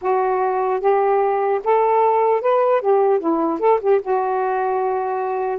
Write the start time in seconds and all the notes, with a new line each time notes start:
0.01 F#4
0.80 G4
1.64 A4
2.41 B4
2.81 G4
3.19 E4
3.59 A4
3.80 G4
4.01 F#4